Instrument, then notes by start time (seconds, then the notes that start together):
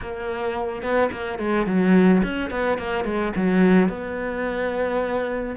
cello
0.01 A#3
0.82 B3
1.11 A#3
1.38 G#3
1.66 F#3
2.23 C#4
2.50 B3
2.78 A#3
3.04 G#3
3.36 F#3
3.88 B3